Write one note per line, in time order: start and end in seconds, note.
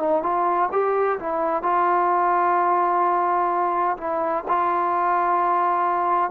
0.00 0.23 D#4
0.23 0.70 F4
0.72 1.19 G4
1.20 1.63 E4
1.63 3.97 F4
3.98 4.44 E4
4.48 6.31 F4